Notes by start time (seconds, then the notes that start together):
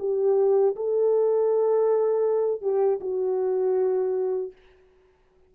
0.00 G4
0.77 A4
2.62 G4
3.01 F#4